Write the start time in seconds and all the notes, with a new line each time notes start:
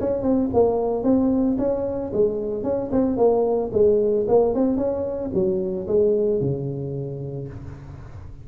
0.00 C#4
0.22 C4
0.53 A#3
1.03 C4
1.58 C#4
2.13 G#3
2.63 C#4
2.92 C4
3.17 A#3
3.72 G#3
4.28 A#3
4.55 C4
4.77 C#4
5.34 F#3
5.87 G#3
6.40 C#3